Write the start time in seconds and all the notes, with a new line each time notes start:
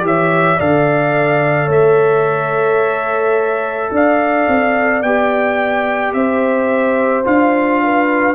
0.00 E3 G4 C#5
0.06 E5
0.56 D3 A4 D5 F5
1.66 A3 C#5 E5
3.91 D4 D5 F5
4.48 C4
5.02 B3 G4 G5
6.13 C4 C5 E5
7.24 D4 F4 F5
7.83 B4